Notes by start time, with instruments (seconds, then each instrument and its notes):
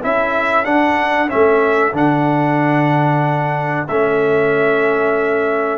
0.00 tuba C#4, trombone E4, horn A4, trumpet E5
0.65 trombone D4, tuba D4, trumpet F#5
1.28 tuba A3, trombone C#4, trumpet E5
1.93 tuba D3, trombone D4, trumpet F#5
3.88 tuba A3, trombone C#4, trumpet E5